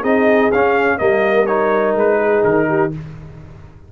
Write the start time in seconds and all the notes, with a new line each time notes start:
0.00 C4 D#4 G#4 D#5
0.52 C#4 F5
0.97 G3 A#3 A#4 D#5
1.46 D#4 C#5
1.94 G#3 B4
2.18 G#4
2.44 D#3 A#4
2.68 G4